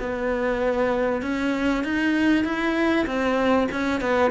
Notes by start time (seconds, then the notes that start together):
0.00 B3
1.22 C#4
1.84 D#4
2.44 E4
3.06 C4
3.72 C#4
4.01 B3